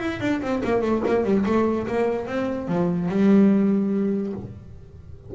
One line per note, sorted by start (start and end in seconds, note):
0.00 0.21 E4
0.21 0.42 D4
0.42 0.63 C4
0.65 0.82 A#3
0.82 1.03 A3
1.08 1.24 A#3
1.24 1.45 G3
1.46 1.87 A3
1.88 2.27 A#3
2.27 2.68 C4
2.68 3.09 F3
3.09 4.33 G3